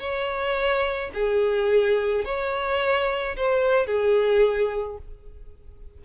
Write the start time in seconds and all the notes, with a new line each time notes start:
0.00 C#5
1.14 G#4
2.25 C#5
3.37 C5
3.87 G#4